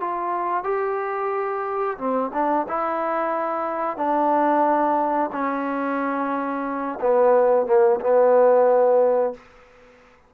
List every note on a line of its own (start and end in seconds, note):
0.00 0.64 F4
0.64 1.97 G4
1.98 2.31 C4
2.33 2.67 D4
2.68 3.97 E4
3.97 5.30 D4
5.32 6.99 C#4
7.01 7.66 B3
7.66 8.00 A#3
8.01 9.34 B3